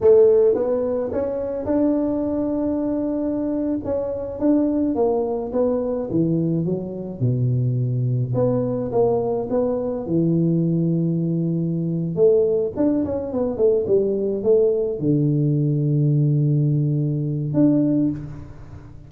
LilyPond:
\new Staff \with { instrumentName = "tuba" } { \time 4/4 \tempo 4 = 106 a4 b4 cis'4 d'4~ | d'2~ d'8. cis'4 d'16~ | d'8. ais4 b4 e4 fis16~ | fis8. b,2 b4 ais16~ |
ais8. b4 e2~ e16~ | e4. a4 d'8 cis'8 b8 | a8 g4 a4 d4.~ | d2. d'4 | }